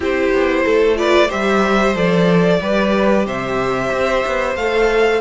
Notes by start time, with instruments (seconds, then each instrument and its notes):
0.00 cello C4, viola E4, violin G4 C5
0.32 cello B3
0.64 cello A3, violin A4
0.95 viola F4, violin B4 D5
1.28 cello G3, viola G4, violin C5 E5
1.95 cello F3, viola A4, violin D5
2.61 cello G3, viola G4, violin B4
3.25 cello C3, violin C5 E5
3.91 cello C4
4.25 cello B3
4.55 cello A3, viola A4, violin F5